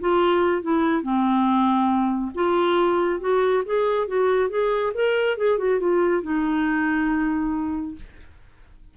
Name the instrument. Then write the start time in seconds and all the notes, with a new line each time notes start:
clarinet
0.00 F4
0.62 E4
1.02 C4
2.34 F4
3.20 F#4
3.65 G#4
4.07 F#4
4.49 G#4
4.94 A#4
5.37 G#4
5.58 F#4
5.80 F4
6.22 D#4